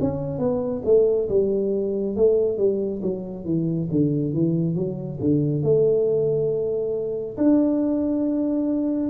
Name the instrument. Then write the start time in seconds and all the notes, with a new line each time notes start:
tuba
0.00 C#4
0.39 B3
0.85 A3
1.29 G3
2.16 A3
2.58 G3
3.02 F#3
3.45 E3
3.91 D3
4.33 E3
4.75 F#3
5.20 D3
5.62 A3
7.37 D4